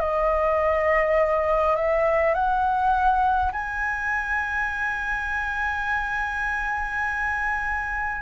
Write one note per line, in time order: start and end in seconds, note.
0.00 1.75 D#5
1.75 2.34 E5
2.34 3.51 F#5
3.52 8.21 G#5